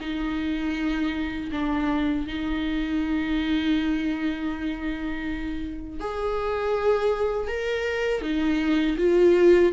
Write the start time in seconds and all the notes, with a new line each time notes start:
0.00 D#4
1.51 D4
2.27 D#4
6.00 G#4
7.47 A#4
8.21 D#4
8.97 F4